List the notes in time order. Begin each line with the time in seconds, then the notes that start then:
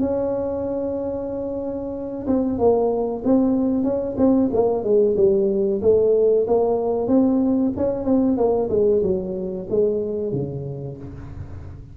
0.00 C#4
2.27 C4
2.58 A#3
3.24 C4
3.84 C#4
4.17 C4
4.53 A#3
4.83 G#3
5.16 G3
5.82 A3
6.47 A#3
7.08 C4
7.77 C#4
8.05 C4
8.37 A#3
8.69 G#3
9.03 F#3
9.69 G#3
10.32 C#3